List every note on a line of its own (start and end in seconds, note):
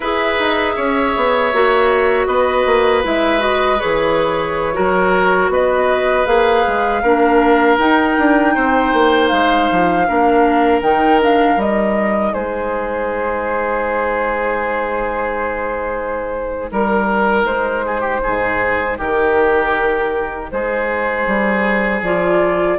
0.00 0.36 E4
0.00 1.53 G#4
0.00 0.75 B4
0.00 2.26 E5
0.39 0.77 D#4
0.76 1.15 C#4
0.76 2.27 C#5
1.16 1.53 B3
1.53 2.27 A#3
1.53 3.03 F#4
2.26 2.65 B3
2.26 4.74 B4
2.26 3.02 D#5
2.66 3.04 A#3
3.03 3.81 G#3
3.03 3.39 E4
3.03 3.42 E5
3.39 3.77 F#4
3.39 3.80 D#5
3.80 4.77 E3
3.80 4.73 G#4
3.80 5.50 C#5
4.73 5.48 F#3
4.73 6.25 F#4
4.73 5.50 A#4
5.48 6.24 B3
5.48 7.02 B4
5.48 6.26 D#5
6.25 6.65 A#3
6.25 7.01 G#4
6.25 7.78 F5
6.67 7.03 G#3
7.02 7.78 A#3
7.02 7.79 D4
7.02 8.54 A#4
7.78 8.16 D#4
7.78 10.07 D#4
7.78 9.28 G5
8.18 8.56 D4
8.55 8.93 C4
8.55 10.06 C5
8.93 9.31 A#3
9.28 9.70 G#3
9.28 10.79 F5
9.71 10.09 F3
10.07 10.81 A#3
10.07 10.83 D4
10.07 12.33 A#4
10.81 11.56 D#3
10.81 11.20 D#4
10.81 11.20 G5
11.20 11.58 D4
11.20 11.60 F5
11.56 12.32 G3
11.56 22.02 D#4
11.56 12.33 D#5
12.33 16.71 G#3
12.33 16.69 G#4
12.33 16.70 C5
16.71 17.44 G3
16.71 17.45 A#4
16.71 17.85 A#4
17.44 18.20 G#3
17.44 18.97 C5
17.85 18.00 G#4
18.00 18.19 G4
18.23 18.99 G#2
18.23 18.98 G#4
18.98 20.51 D#3
18.98 20.50 G4
18.98 20.50 A#4
20.51 21.26 G#3
20.51 22.78 G#4
20.51 22.02 C5
21.26 22.02 G3
22.02 22.78 F3
22.02 22.78 F4
22.02 22.78 D5